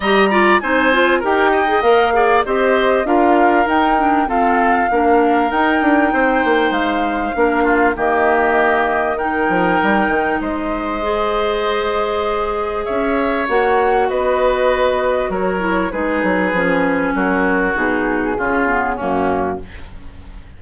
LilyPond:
<<
  \new Staff \with { instrumentName = "flute" } { \time 4/4 \tempo 4 = 98 ais''4 gis''4 g''4 f''4 | dis''4 f''4 g''4 f''4~ | f''4 g''2 f''4~ | f''4 dis''2 g''4~ |
g''4 dis''2.~ | dis''4 e''4 fis''4 dis''4~ | dis''4 cis''4 b'2 | ais'4 gis'2 fis'4 | }
  \new Staff \with { instrumentName = "oboe" } { \time 4/4 dis''8 d''8 c''4 ais'8 dis''4 d''8 | c''4 ais'2 a'4 | ais'2 c''2 | ais'8 f'8 g'2 ais'4~ |
ais'4 c''2.~ | c''4 cis''2 b'4~ | b'4 ais'4 gis'2 | fis'2 f'4 cis'4 | }
  \new Staff \with { instrumentName = "clarinet" } { \time 4/4 g'8 f'8 dis'8 f'8 g'8. gis'16 ais'8 gis'8 | g'4 f'4 dis'8 d'8 c'4 | d'4 dis'2. | d'4 ais2 dis'4~ |
dis'2 gis'2~ | gis'2 fis'2~ | fis'4. e'8 dis'4 cis'4~ | cis'4 dis'4 cis'8 b8 ais4 | }
  \new Staff \with { instrumentName = "bassoon" } { \time 4/4 g4 c'4 dis'4 ais4 | c'4 d'4 dis'4 f'4 | ais4 dis'8 d'8 c'8 ais8 gis4 | ais4 dis2~ dis8 f8 |
g8 dis8 gis2.~ | gis4 cis'4 ais4 b4~ | b4 fis4 gis8 fis8 f4 | fis4 b,4 cis4 fis,4 | }
>>